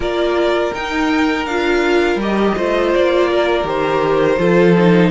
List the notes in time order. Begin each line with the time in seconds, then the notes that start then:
0.00 A#3 F4 A#4 D5
0.74 D#4 G5
1.45 D4 F4 F5
2.15 G3 G4
2.21 D#5
2.56 A3 F4 C5
2.94 A#3 D5
3.30 A#4
3.64 D#3 G4 C5
4.39 F3 F4 A4
4.77 D#4